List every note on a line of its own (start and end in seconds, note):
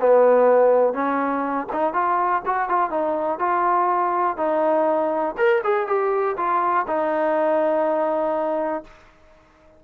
0.00 0.93 B3
0.93 1.67 C#4
1.72 1.93 D#4
1.93 2.42 F4
2.45 2.68 F#4
2.68 2.90 F4
2.90 3.39 D#4
3.39 4.37 F4
4.37 5.35 D#4
5.37 5.62 A#4
5.64 5.87 G#4
5.87 6.36 G4
6.37 6.86 F4
6.87 8.84 D#4